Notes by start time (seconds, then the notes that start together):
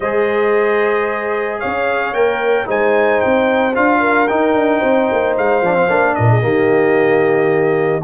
0.00 G#3 G#4 C5 D#5
1.59 C#4 C#5 F5
2.13 A#3 A#4 G5
2.65 G#3 D#4 C5 G#5
3.20 C4 G5
3.74 D4 F4 F5
4.00 A#4
4.27 D#4 G5
4.54 D4
4.79 C4 C5
5.11 A#3
5.37 G#3 F5
5.61 F3 D4
5.73 C4
5.89 A#3 D4
6.14 A#2 A#4 D#5
6.30 G#4
6.41 D#3 A#3 G4